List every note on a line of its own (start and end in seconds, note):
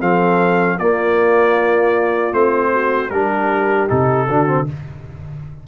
0.00 0.79 F3
0.00 0.79 C4
0.00 0.78 A4
0.00 0.79 F5
0.79 2.32 A#3
0.79 2.72 F4
0.79 2.33 D5
2.32 3.10 A3
2.32 3.10 C4
2.32 3.10 C5
2.72 3.11 F#4
3.10 3.88 G3
3.10 3.88 D4
3.10 4.28 G4
3.10 3.88 A#4
3.88 4.29 C3
3.88 4.27 D#4
3.88 4.67 A4
4.28 4.68 D3
4.28 4.46 D4
4.28 4.67 F#4
4.46 4.66 C4